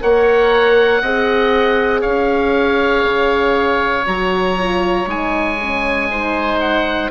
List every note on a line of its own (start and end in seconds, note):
0.00 1.01 A#3
0.00 1.02 A#4
0.00 1.01 C#5
0.00 2.01 F#5
1.01 2.03 C4
1.01 4.06 G#4
1.01 2.00 D#5
2.00 3.04 C#4
2.00 6.07 C#5
2.00 4.05 F5
3.04 4.06 C#3
4.06 5.06 F#3
4.06 4.57 F#4
4.06 5.09 A#5
4.58 5.06 F4
5.06 7.10 G#3
5.06 5.57 D#4
5.06 6.60 G#5
5.61 6.11 C#4
6.10 7.11 D#4
6.10 7.11 C5
6.60 7.11 F#5